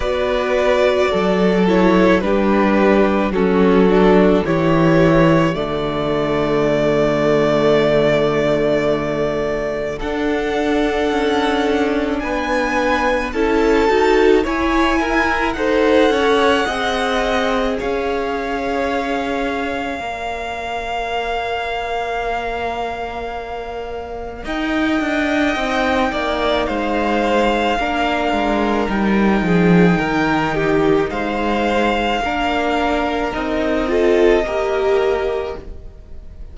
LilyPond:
<<
  \new Staff \with { instrumentName = "violin" } { \time 4/4 \tempo 4 = 54 d''4. cis''8 b'4 a'4 | cis''4 d''2.~ | d''4 fis''2 gis''4 | a''4 gis''4 fis''2 |
f''1~ | f''2 g''2 | f''2 g''2 | f''2 dis''2 | }
  \new Staff \with { instrumentName = "violin" } { \time 4/4 b'4 a'4 g'4 fis'4 | g'4 fis'2.~ | fis'4 a'2 b'4 | a'4 cis''8 ais'8 c''8 cis''8 dis''4 |
cis''2 d''2~ | d''2 dis''4. d''8 | c''4 ais'4. gis'8 ais'8 g'8 | c''4 ais'4. a'8 ais'4 | }
  \new Staff \with { instrumentName = "viola" } { \time 4/4 fis'4. e'8 d'4 cis'8 d'8 | e'4 a2.~ | a4 d'2. | e'8 fis'8 e'4 a'4 gis'4~ |
gis'2 ais'2~ | ais'2. dis'4~ | dis'4 d'4 dis'2~ | dis'4 d'4 dis'8 f'8 g'4 | }
  \new Staff \with { instrumentName = "cello" } { \time 4/4 b4 fis4 g4 fis4 | e4 d2.~ | d4 d'4 cis'4 b4 | cis'8 dis'8 e'4 dis'8 cis'8 c'4 |
cis'2 ais2~ | ais2 dis'8 d'8 c'8 ais8 | gis4 ais8 gis8 g8 f8 dis4 | gis4 ais4 c'4 ais4 | }
>>